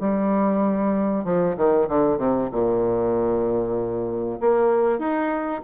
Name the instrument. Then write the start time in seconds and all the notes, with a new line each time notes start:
bassoon
0.00 G3
1.24 F3
1.57 D#3
1.88 D3
2.18 C3
2.51 A#2
4.40 A#3
4.99 D#4